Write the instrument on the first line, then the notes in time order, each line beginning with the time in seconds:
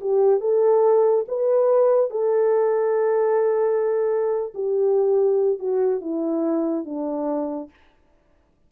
horn
0.00 G4
0.40 A4
1.28 B4
2.10 A4
4.54 G4
5.59 F#4
6.01 E4
6.85 D4